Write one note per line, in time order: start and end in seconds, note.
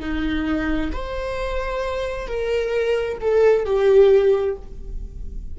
0.00 0.91 D#4
0.92 2.27 C5
2.27 3.18 A#4
3.21 3.65 A4
3.65 4.56 G4